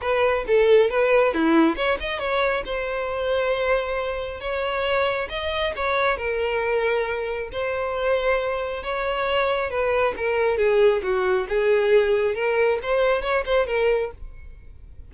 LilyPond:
\new Staff \with { instrumentName = "violin" } { \time 4/4 \tempo 4 = 136 b'4 a'4 b'4 e'4 | cis''8 dis''8 cis''4 c''2~ | c''2 cis''2 | dis''4 cis''4 ais'2~ |
ais'4 c''2. | cis''2 b'4 ais'4 | gis'4 fis'4 gis'2 | ais'4 c''4 cis''8 c''8 ais'4 | }